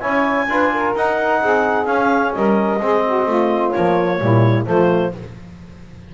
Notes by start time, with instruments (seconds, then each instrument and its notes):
0.00 double bass C#4, trombone E4, saxophone C#5, clarinet G#5
0.48 double bass D4, trombone F4, saxophone B4
0.74 saxophone A#4
0.95 double bass D#4, trombone D#4, clarinet F#5
1.42 double bass C4, saxophone G#4
1.86 trombone C#4, double bass C#4, clarinet F5
2.34 double bass G3, saxophone A#4, clarinet D#5
2.80 double bass G#3, trombone C4, saxophone G#4
3.06 saxophone F#4
3.26 double bass A3, saxophone F4
3.70 trombone F3, clarinet C#5
3.76 double bass A#3
4.20 double bass A#2, trombone G3, saxophone E4
4.66 double bass F3, trombone A3, saxophone F4, clarinet C5